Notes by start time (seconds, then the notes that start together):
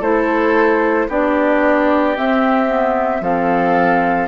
0.00 A3 E4 A4 C5
1.09 B3 D4 G4 D5
2.16 C4 E5
2.67 B3
3.21 F3 C4 A4 F5